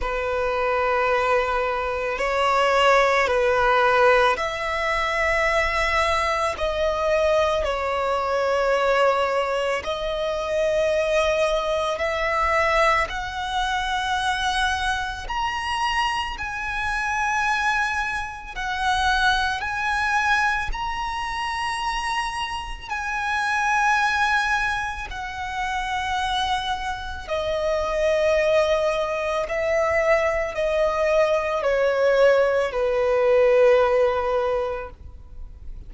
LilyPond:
\new Staff \with { instrumentName = "violin" } { \time 4/4 \tempo 4 = 55 b'2 cis''4 b'4 | e''2 dis''4 cis''4~ | cis''4 dis''2 e''4 | fis''2 ais''4 gis''4~ |
gis''4 fis''4 gis''4 ais''4~ | ais''4 gis''2 fis''4~ | fis''4 dis''2 e''4 | dis''4 cis''4 b'2 | }